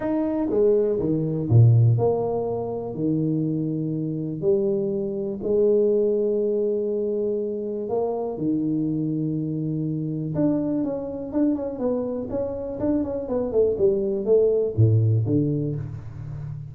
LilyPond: \new Staff \with { instrumentName = "tuba" } { \time 4/4 \tempo 4 = 122 dis'4 gis4 dis4 ais,4 | ais2 dis2~ | dis4 g2 gis4~ | gis1 |
ais4 dis2.~ | dis4 d'4 cis'4 d'8 cis'8 | b4 cis'4 d'8 cis'8 b8 a8 | g4 a4 a,4 d4 | }